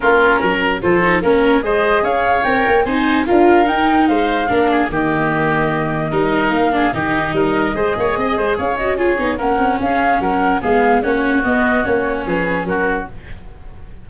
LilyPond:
<<
  \new Staff \with { instrumentName = "flute" } { \time 4/4 \tempo 4 = 147 ais'2 c''4 ais'4 | dis''4 f''4 g''4 gis''4 | f''4 g''4 f''2 | dis''1 |
f''4 dis''2.~ | dis''4 f''8 dis''8 cis''4 fis''4 | f''4 fis''4 f''4 cis''4 | dis''4 cis''4 b'4 ais'4 | }
  \new Staff \with { instrumentName = "oboe" } { \time 4/4 f'4 ais'4 a'4 ais'4 | c''4 cis''2 c''4 | ais'2 c''4 ais'8 gis'8 | g'2. ais'4~ |
ais'8 gis'8 g'4 ais'4 c''8 cis''8 | dis''8 c''8 cis''4 gis'4 ais'4 | gis'4 ais'4 gis'4 fis'4~ | fis'2 gis'4 fis'4 | }
  \new Staff \with { instrumentName = "viola" } { \time 4/4 cis'2 f'8 dis'8 cis'4 | gis'2 ais'4 dis'4 | f'4 dis'2 d'4 | ais2. dis'4~ |
dis'8 d'8 dis'2 gis'4~ | gis'4. fis'8 f'8 dis'8 cis'4~ | cis'2 b4 cis'4 | b4 cis'2. | }
  \new Staff \with { instrumentName = "tuba" } { \time 4/4 ais4 fis4 f4 ais4 | gis4 cis'4 c'8 ais8 c'4 | d'4 dis'4 gis4 ais4 | dis2. g4 |
ais4 dis4 g4 gis8 ais8 | c'8 gis8 cis'4. b8 ais8 c'8 | cis'4 fis4 gis4 ais4 | b4 ais4 f4 fis4 | }
>>